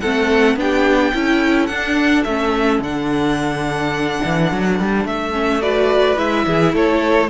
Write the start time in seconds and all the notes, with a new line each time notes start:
0.00 A3 C4 A4 F#5
0.56 B3 D4 G4 G5
1.13 C#4 E4 A4
1.67 D4 F#5
2.24 A3 C#4 E5
2.79 D3 D4 F#5
4.25 E3
4.52 F#3
4.80 G3
5.05 A3 E5
5.32 C#4
5.62 F#4 B4 D5
6.17 G#3 E4 E5
6.46 E3 G#4
6.74 A3 A4 C#5